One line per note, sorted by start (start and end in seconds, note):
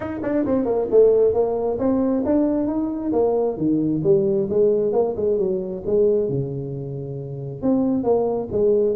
0.00 0.20 D#4
0.23 0.45 D4
0.45 0.65 C4
0.65 0.87 A#3
0.91 1.33 A3
1.33 1.78 A#3
1.78 2.23 C4
2.25 2.67 D4
2.67 3.12 D#4
3.12 3.57 A#3
3.57 4.01 D#3
4.03 4.48 G3
4.49 4.92 G#3
4.92 5.15 A#3
5.16 5.38 G#3
5.38 5.83 F#3
5.85 6.28 G#3
6.28 7.62 C#3
7.62 8.03 C4
8.03 8.48 A#3
8.51 8.95 G#3